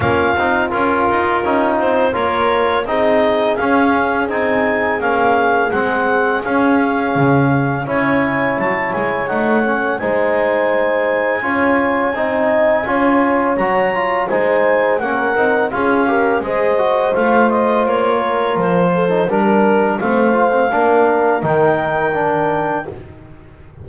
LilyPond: <<
  \new Staff \with { instrumentName = "clarinet" } { \time 4/4 \tempo 4 = 84 f''4 ais'4. c''8 cis''4 | dis''4 f''4 gis''4 f''4 | fis''4 f''2 gis''4 | a''8 gis''8 fis''4 gis''2~ |
gis''2. ais''4 | gis''4 fis''4 f''4 dis''4 | f''8 dis''8 cis''4 c''4 ais'4 | f''2 g''2 | }
  \new Staff \with { instrumentName = "horn" } { \time 4/4 f'2. ais'4 | gis'1~ | gis'2. cis''4~ | cis''2 c''2 |
cis''4 dis''4 cis''2 | c''4 ais'4 gis'8 ais'8 c''4~ | c''4. ais'4 a'8 ais'4 | c''4 ais'2. | }
  \new Staff \with { instrumentName = "trombone" } { \time 4/4 cis'8 dis'8 f'4 dis'4 f'4 | dis'4 cis'4 dis'4 cis'4 | c'4 cis'2 e'4~ | e'4 dis'8 cis'8 dis'2 |
f'4 dis'4 f'4 fis'8 f'8 | dis'4 cis'8 dis'8 f'8 g'8 gis'8 fis'8 | f'2~ f'8. dis'16 d'4 | c'8 f'16 c'16 d'4 dis'4 d'4 | }
  \new Staff \with { instrumentName = "double bass" } { \time 4/4 ais8 c'8 cis'8 dis'8 cis'8 c'8 ais4 | c'4 cis'4 c'4 ais4 | gis4 cis'4 cis4 cis'4 | fis8 gis8 a4 gis2 |
cis'4 c'4 cis'4 fis4 | gis4 ais8 c'8 cis'4 gis4 | a4 ais4 f4 g4 | a4 ais4 dis2 | }
>>